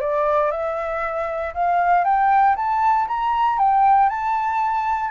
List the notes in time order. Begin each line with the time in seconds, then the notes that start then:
0.00 D5
0.51 E5
1.54 F5
2.04 G5
2.56 A5
3.07 A#5
3.58 G5
4.09 A5